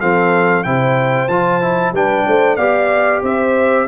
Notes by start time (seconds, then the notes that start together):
0.00 F3 C4 A4 F5
0.64 C3 E4 C5 G5
1.28 F3 F4 A5
1.61 E4
1.93 G3 D4 B4 G5
2.27 A3 C5
2.56 B3 G4 D5 F5
3.23 C4 C5 E5